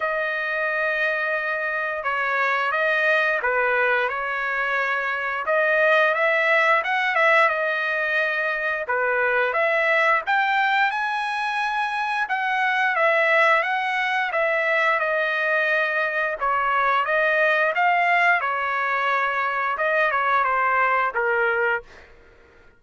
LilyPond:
\new Staff \with { instrumentName = "trumpet" } { \time 4/4 \tempo 4 = 88 dis''2. cis''4 | dis''4 b'4 cis''2 | dis''4 e''4 fis''8 e''8 dis''4~ | dis''4 b'4 e''4 g''4 |
gis''2 fis''4 e''4 | fis''4 e''4 dis''2 | cis''4 dis''4 f''4 cis''4~ | cis''4 dis''8 cis''8 c''4 ais'4 | }